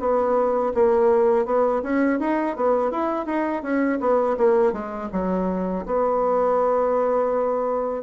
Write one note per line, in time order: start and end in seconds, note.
0.00 0.73 B3
0.74 1.46 A#3
1.46 1.82 B3
1.83 2.20 C#4
2.20 2.56 D#4
2.56 2.91 B3
2.91 3.26 E4
3.26 3.63 D#4
3.63 3.99 C#4
4.00 4.37 B3
4.37 4.73 A#3
4.73 5.09 G#3
5.12 5.85 F#3
5.86 8.03 B3